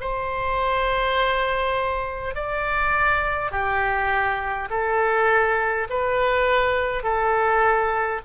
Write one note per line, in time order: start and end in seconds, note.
0.00 2.34 C5
2.34 3.51 D5
3.51 4.68 G4
4.70 5.87 A4
5.89 7.03 B4
7.03 8.20 A4